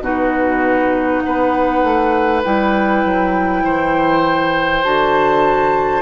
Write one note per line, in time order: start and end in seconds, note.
0.00 1.20 B2
0.00 2.43 D#4
0.00 1.23 F#4
0.00 1.22 B4
1.22 1.83 B3
1.22 3.64 B4
1.22 2.42 F#5
1.83 2.43 A3
2.44 3.05 G3
2.44 4.84 E4
2.44 4.83 G5
3.05 3.65 F#3
3.64 4.84 E3
3.64 6.02 C5
4.83 6.02 D3
4.83 6.02 F#4
4.83 6.02 A5